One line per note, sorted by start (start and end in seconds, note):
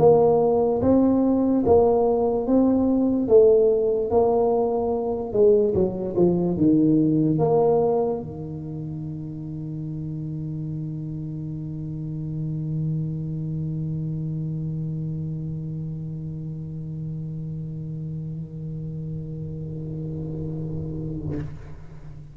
0.00 0.82 A#3
0.82 1.64 C4
1.66 2.47 A#3
2.47 3.29 C4
3.29 4.11 A3
4.11 5.33 A#3
5.33 5.74 G#3
5.75 6.16 F#3
6.16 6.57 F3
6.57 7.39 D#3
7.39 8.21 A#3
8.22 21.37 D#3